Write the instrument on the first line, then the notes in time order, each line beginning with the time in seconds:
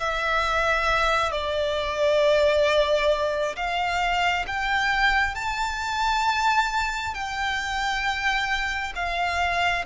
violin
0.00 E5
1.32 D5
3.56 F5
4.47 G5
5.35 A5
7.14 G5
8.96 F5